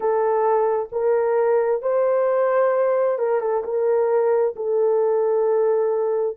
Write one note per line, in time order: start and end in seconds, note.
0.00 0.89 A4
0.92 1.81 A#4
1.81 3.18 C5
3.18 3.40 A#4
3.40 3.63 A4
3.64 4.55 A#4
4.55 6.37 A4